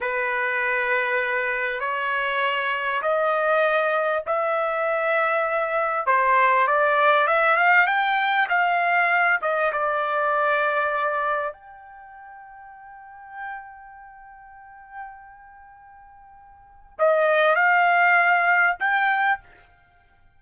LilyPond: \new Staff \with { instrumentName = "trumpet" } { \time 4/4 \tempo 4 = 99 b'2. cis''4~ | cis''4 dis''2 e''4~ | e''2 c''4 d''4 | e''8 f''8 g''4 f''4. dis''8 |
d''2. g''4~ | g''1~ | g''1 | dis''4 f''2 g''4 | }